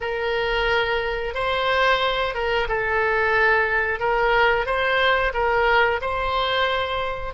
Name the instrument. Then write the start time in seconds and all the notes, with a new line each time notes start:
oboe
0.01 A#4
1.34 C5
2.34 A#4
2.68 A4
3.99 A#4
4.65 C5
5.33 A#4
6.01 C5